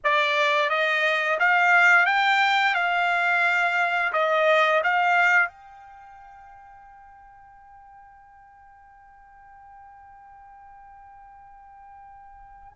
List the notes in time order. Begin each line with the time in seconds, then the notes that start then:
0.04 D5
0.69 D#5
1.39 F5
2.05 G5
2.74 F5
4.13 D#5
4.83 F5
5.48 G5